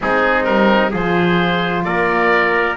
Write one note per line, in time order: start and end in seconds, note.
0.01 0.47 G#3
0.01 0.91 C4
0.01 0.90 D#4
0.01 0.44 G#4
0.44 0.93 G3
0.44 0.90 A#4
0.90 1.85 F3
0.90 2.76 F4
0.90 1.82 G#4
0.90 1.84 C5
1.84 2.76 A#3
1.84 2.76 A#4
1.84 2.76 D5